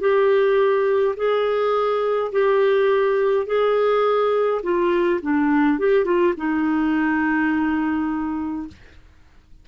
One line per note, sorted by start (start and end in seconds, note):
0.00 1.15 G4
1.16 2.32 G#4
2.32 3.47 G4
3.47 4.62 G#4
4.63 5.21 F4
5.22 5.79 D4
5.79 6.05 G4
6.05 6.34 F4
6.37 8.68 D#4